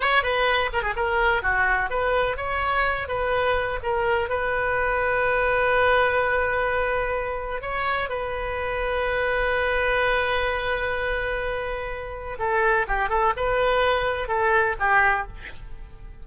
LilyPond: \new Staff \with { instrumentName = "oboe" } { \time 4/4 \tempo 4 = 126 cis''8 b'4 ais'16 gis'16 ais'4 fis'4 | b'4 cis''4. b'4. | ais'4 b'2.~ | b'1 |
cis''4 b'2.~ | b'1~ | b'2 a'4 g'8 a'8 | b'2 a'4 g'4 | }